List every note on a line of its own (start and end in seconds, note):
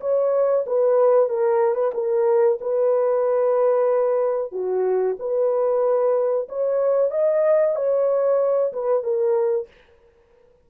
0.00 0.65 C#5
0.66 1.29 B4
1.29 1.75 A#4
1.75 1.91 B4
1.94 2.58 A#4
2.61 4.52 B4
4.52 5.16 F#4
5.19 6.48 B4
6.49 7.11 C#5
7.11 7.75 D#5
7.75 8.72 C#5
8.72 9.03 B4
9.03 9.67 A#4